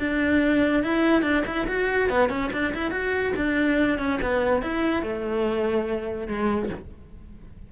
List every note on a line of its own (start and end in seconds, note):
0.00 0.84 D4
0.84 1.23 E4
1.23 1.44 D4
1.46 1.67 E4
1.68 2.10 F#4
2.10 2.30 B3
2.30 2.51 C#4
2.53 2.74 D4
2.75 2.92 E4
2.92 3.34 F#4
3.37 3.99 D4
3.99 4.20 C#4
4.22 4.63 B3
4.63 5.03 E4
5.03 6.28 A3
6.28 6.70 G#3